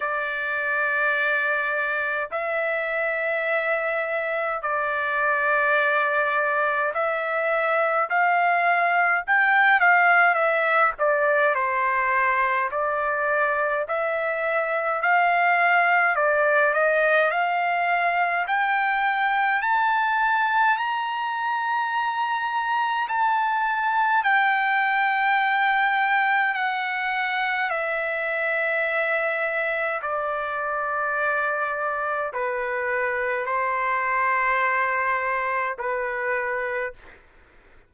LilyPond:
\new Staff \with { instrumentName = "trumpet" } { \time 4/4 \tempo 4 = 52 d''2 e''2 | d''2 e''4 f''4 | g''8 f''8 e''8 d''8 c''4 d''4 | e''4 f''4 d''8 dis''8 f''4 |
g''4 a''4 ais''2 | a''4 g''2 fis''4 | e''2 d''2 | b'4 c''2 b'4 | }